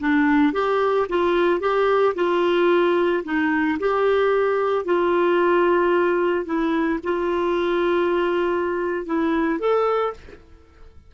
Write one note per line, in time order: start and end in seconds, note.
0.00 0.53 D4
0.53 1.07 G4
1.09 1.60 F4
1.60 2.14 G4
2.15 3.23 F4
3.24 3.78 D#4
3.80 4.85 G4
4.85 6.46 F4
6.46 7.00 E4
7.04 9.06 F4
9.06 9.59 E4
9.59 10.14 A4